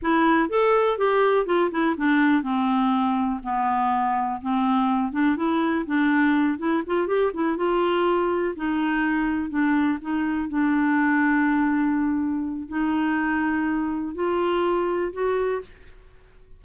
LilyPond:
\new Staff \with { instrumentName = "clarinet" } { \time 4/4 \tempo 4 = 123 e'4 a'4 g'4 f'8 e'8 | d'4 c'2 b4~ | b4 c'4. d'8 e'4 | d'4. e'8 f'8 g'8 e'8 f'8~ |
f'4. dis'2 d'8~ | d'8 dis'4 d'2~ d'8~ | d'2 dis'2~ | dis'4 f'2 fis'4 | }